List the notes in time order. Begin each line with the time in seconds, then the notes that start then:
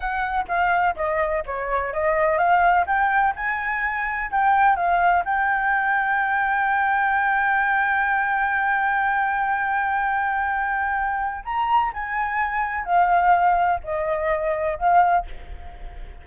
0.00 F#5
0.48 F5
0.95 D#5
1.45 C#5
1.93 D#5
2.38 F5
2.86 G5
3.35 G#5
4.31 G5
4.76 F5
5.24 G5
11.44 A#5
11.93 G#5
12.84 F5
13.83 D#5
14.78 F5